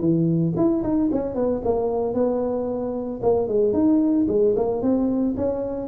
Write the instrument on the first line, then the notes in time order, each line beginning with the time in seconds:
tuba
0.00 E3
0.56 E4
0.83 D#4
1.12 C#4
1.35 B3
1.64 A#3
2.14 B3
3.22 A#3
3.48 G#3
3.73 D#4
4.28 G#3
4.56 A#3
4.82 C4
5.37 C#4